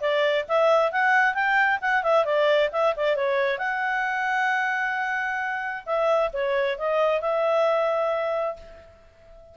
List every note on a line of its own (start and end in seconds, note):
0.00 0.45 D5
0.48 0.92 E5
0.92 1.34 F#5
1.34 1.79 G5
1.81 2.03 F#5
2.03 2.25 E5
2.25 2.70 D5
2.72 2.95 E5
2.96 3.16 D5
3.16 3.58 C#5
3.58 5.84 F#5
5.86 6.31 E5
6.33 6.78 C#5
6.78 7.21 D#5
7.21 8.56 E5